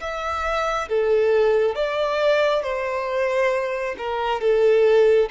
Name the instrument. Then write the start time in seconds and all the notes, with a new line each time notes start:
violin
0.00 E5
0.89 A4
1.75 D5
2.62 C5
3.98 A#4
4.41 A4